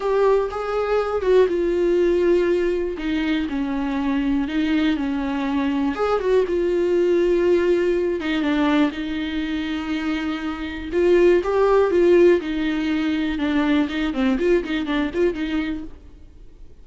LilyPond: \new Staff \with { instrumentName = "viola" } { \time 4/4 \tempo 4 = 121 g'4 gis'4. fis'8 f'4~ | f'2 dis'4 cis'4~ | cis'4 dis'4 cis'2 | gis'8 fis'8 f'2.~ |
f'8 dis'8 d'4 dis'2~ | dis'2 f'4 g'4 | f'4 dis'2 d'4 | dis'8 c'8 f'8 dis'8 d'8 f'8 dis'4 | }